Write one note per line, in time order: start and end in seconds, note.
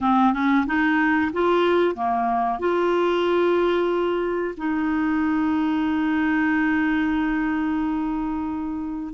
0.01 0.33 C4
0.33 0.66 C#4
0.66 1.31 D#4
1.32 1.95 F4
1.95 2.59 A#3
2.59 4.54 F4
4.57 9.13 D#4